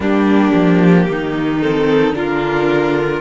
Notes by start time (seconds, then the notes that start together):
0.00 G3 A#3 D4 G4
0.53 F3
1.08 D#3 D#4
1.61 C4 A4
2.12 D3 D4 F4 A#4